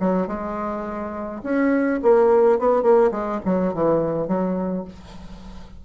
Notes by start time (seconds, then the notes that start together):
0.00 F#3
0.28 G#3
1.44 C#4
2.02 A#3
2.59 B3
2.83 A#3
3.11 G#3
3.45 F#3
3.74 E3
4.28 F#3